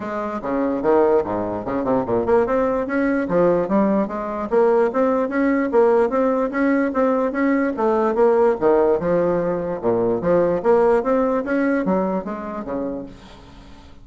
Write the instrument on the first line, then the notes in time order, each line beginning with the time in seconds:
bassoon
0.00 G#3
0.42 C#3
0.82 D#3
1.24 G#2
1.65 C#3
1.84 C3
2.06 A#2
2.25 A#3
2.46 C4
2.86 C#4
3.28 F3
3.68 G3
4.07 G#3
4.50 A#3
4.93 C4
5.29 C#4
5.71 A#3
6.09 C4
6.50 C#4
6.93 C4
7.32 C#4
7.76 A3
8.14 A#3
8.60 D#3
8.99 F3
9.81 A#2
10.21 F3
10.62 A#3
11.03 C4
11.44 C#4
11.85 F#3
12.24 G#3
12.65 C#3